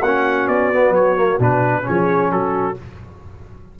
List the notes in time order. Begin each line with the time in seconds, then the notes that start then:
0.00 A#3 C#4 F#4 F#5
0.47 B3 D5
0.73 B3
0.90 F#3 C#5
1.16 A#3
1.39 B2 D4 B4
1.83 F3 C#4 G#4 C#5
2.31 F#3 F#4 A4